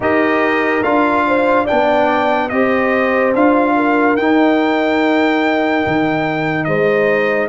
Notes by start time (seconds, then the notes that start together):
0.00 D#4 G4 A#4 D#5
0.83 D4 F4 F5
1.27 C5
1.64 D4 D5 G5
1.71 B3
2.49 C4 G4 C5 D#5
3.34 D4 F4 F5
3.76 A#4
4.16 D#4 G5
5.86 D#3
6.64 G#3 C5 D#5